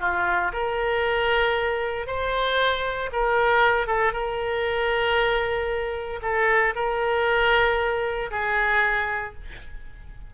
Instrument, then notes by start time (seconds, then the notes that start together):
oboe
0.00 F4
0.53 A#4
2.07 C5
3.12 A#4
3.87 A4
4.13 A#4
6.22 A4
6.75 A#4
8.31 G#4